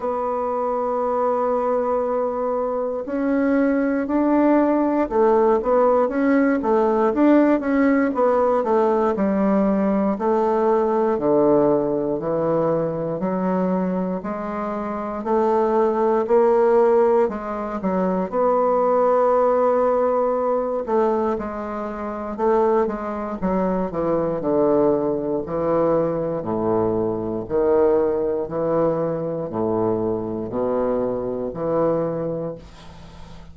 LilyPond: \new Staff \with { instrumentName = "bassoon" } { \time 4/4 \tempo 4 = 59 b2. cis'4 | d'4 a8 b8 cis'8 a8 d'8 cis'8 | b8 a8 g4 a4 d4 | e4 fis4 gis4 a4 |
ais4 gis8 fis8 b2~ | b8 a8 gis4 a8 gis8 fis8 e8 | d4 e4 a,4 dis4 | e4 a,4 b,4 e4 | }